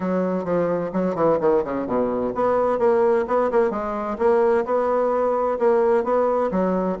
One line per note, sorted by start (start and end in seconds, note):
0.00 0.44 F#3
0.44 0.90 F3
0.92 1.15 F#3
1.15 1.38 E3
1.40 1.63 D#3
1.64 1.86 C#3
1.86 2.33 B2
2.34 2.78 B3
2.78 3.25 A#3
3.27 3.51 B3
3.51 3.70 A#3
3.70 4.17 G#3
4.18 4.64 A#3
4.65 5.58 B3
5.59 6.04 A#3
6.04 6.50 B3
6.51 6.97 F#3